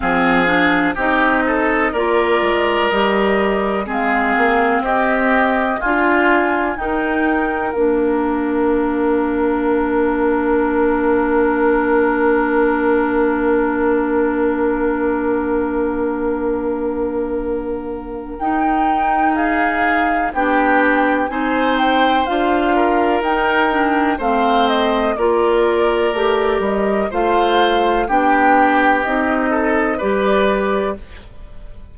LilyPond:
<<
  \new Staff \with { instrumentName = "flute" } { \time 4/4 \tempo 4 = 62 f''4 dis''4 d''4 dis''4 | f''4 dis''4 gis''4 g''4 | f''1~ | f''1~ |
f''2. g''4 | f''4 g''4 gis''8 g''8 f''4 | g''4 f''8 dis''8 d''4. dis''8 | f''4 g''4 dis''4 d''4 | }
  \new Staff \with { instrumentName = "oboe" } { \time 4/4 gis'4 g'8 a'8 ais'2 | gis'4 g'4 f'4 ais'4~ | ais'1~ | ais'1~ |
ais'1 | gis'4 g'4 c''4. ais'8~ | ais'4 c''4 ais'2 | c''4 g'4. a'8 b'4 | }
  \new Staff \with { instrumentName = "clarinet" } { \time 4/4 c'8 d'8 dis'4 f'4 g'4 | c'2 f'4 dis'4 | d'1~ | d'1~ |
d'2. dis'4~ | dis'4 d'4 dis'4 f'4 | dis'8 d'8 c'4 f'4 g'4 | f'4 d'4 dis'4 g'4 | }
  \new Staff \with { instrumentName = "bassoon" } { \time 4/4 f4 c'4 ais8 gis8 g4 | gis8 ais8 c'4 d'4 dis'4 | ais1~ | ais1~ |
ais2. dis'4~ | dis'4 b4 c'4 d'4 | dis'4 a4 ais4 a8 g8 | a4 b4 c'4 g4 | }
>>